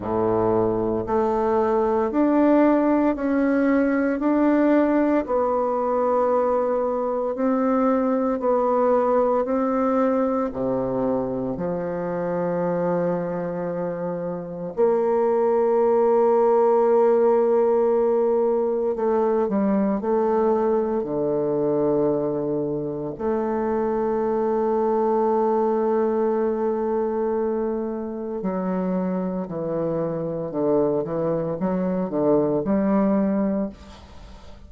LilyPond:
\new Staff \with { instrumentName = "bassoon" } { \time 4/4 \tempo 4 = 57 a,4 a4 d'4 cis'4 | d'4 b2 c'4 | b4 c'4 c4 f4~ | f2 ais2~ |
ais2 a8 g8 a4 | d2 a2~ | a2. fis4 | e4 d8 e8 fis8 d8 g4 | }